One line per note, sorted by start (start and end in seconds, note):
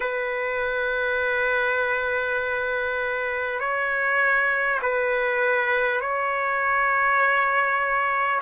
0.00 3.59 B4
3.59 4.79 C#5
4.82 6.01 B4
6.01 8.41 C#5